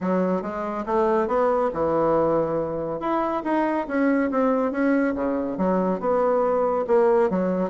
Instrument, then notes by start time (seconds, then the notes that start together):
bassoon
0.00 F#3
0.42 G#3
0.86 A3
1.27 B3
1.73 E3
3.00 E4
3.43 D#4
3.87 C#4
4.30 C4
4.71 C#4
5.14 C#3
5.57 F#3
5.99 B3
6.87 A#3
7.30 F#3